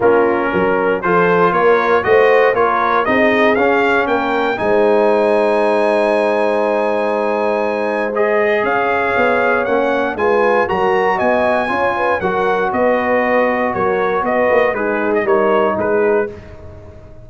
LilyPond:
<<
  \new Staff \with { instrumentName = "trumpet" } { \time 4/4 \tempo 4 = 118 ais'2 c''4 cis''4 | dis''4 cis''4 dis''4 f''4 | g''4 gis''2.~ | gis''1 |
dis''4 f''2 fis''4 | gis''4 ais''4 gis''2 | fis''4 dis''2 cis''4 | dis''4 b'8. dis''16 cis''4 b'4 | }
  \new Staff \with { instrumentName = "horn" } { \time 4/4 f'4 ais'4 a'4 ais'4 | c''4 ais'4 gis'2 | ais'4 c''2.~ | c''1~ |
c''4 cis''2. | b'4 ais'4 dis''4 cis''8 b'8 | ais'4 b'2 ais'4 | b'4 dis'4 ais'4 gis'4 | }
  \new Staff \with { instrumentName = "trombone" } { \time 4/4 cis'2 f'2 | fis'4 f'4 dis'4 cis'4~ | cis'4 dis'2.~ | dis'1 |
gis'2. cis'4 | f'4 fis'2 f'4 | fis'1~ | fis'4 gis'4 dis'2 | }
  \new Staff \with { instrumentName = "tuba" } { \time 4/4 ais4 fis4 f4 ais4 | a4 ais4 c'4 cis'4 | ais4 gis2.~ | gis1~ |
gis4 cis'4 b4 ais4 | gis4 fis4 b4 cis'4 | fis4 b2 fis4 | b8 ais8 gis4 g4 gis4 | }
>>